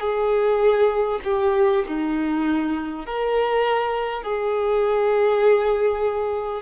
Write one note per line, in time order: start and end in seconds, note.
0.00 1.20 G#4
1.24 1.84 G4
1.88 3.07 D#4
3.07 4.23 A#4
4.23 6.63 G#4